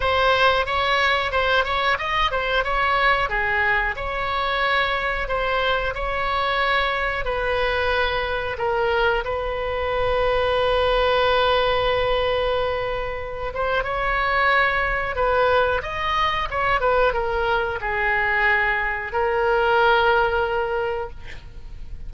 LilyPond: \new Staff \with { instrumentName = "oboe" } { \time 4/4 \tempo 4 = 91 c''4 cis''4 c''8 cis''8 dis''8 c''8 | cis''4 gis'4 cis''2 | c''4 cis''2 b'4~ | b'4 ais'4 b'2~ |
b'1~ | b'8 c''8 cis''2 b'4 | dis''4 cis''8 b'8 ais'4 gis'4~ | gis'4 ais'2. | }